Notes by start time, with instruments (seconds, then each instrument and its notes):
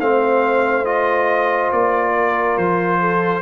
0.00 tuba A3, trombone C4, horn C5, trumpet F5
0.84 trombone F4, trumpet D#5
1.72 tuba A#3, trumpet D5
2.14 horn A#4
2.57 tuba F3, trumpet C5
3.00 horn A4